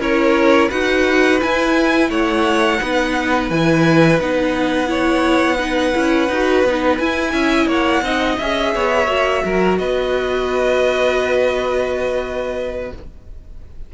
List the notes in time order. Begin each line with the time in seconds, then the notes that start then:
0.00 C#4 E4 A#4 C#5
0.69 D#4 F#4 B4 F#5
1.41 E4 G#5
2.10 A3 C#5 F#5
2.80 B3 D#4 B4
3.50 E3 E4 G#5
4.20 B3 D#4 F#5
4.87 E4 C#5
5.57 D#4 B4
5.93 C#4 E4
6.29 D#4 F#4
6.64 B3 D#4
6.98 E4 G#5
7.33 C#4 E5
7.67 A#3 C#5 F#5
8.02 C4 D#4 D#5
8.39 C#4 G#4 E5
8.75 B3 C#5
9.07 A#3 F#4
9.45 F#3 A#4
9.78 B3 B4 D#5